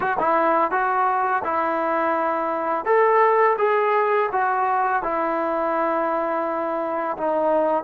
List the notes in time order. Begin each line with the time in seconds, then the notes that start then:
0.00 F#4
0.19 E4
0.71 F#4
1.44 E4
2.85 A4
3.57 G#4
4.31 F#4
5.02 E4
7.17 D#4